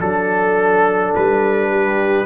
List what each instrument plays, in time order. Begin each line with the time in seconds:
0.00 tuba F#3, trombone D4, horn A4, trumpet A4
1.16 tuba G3, trumpet B4
1.71 horn G4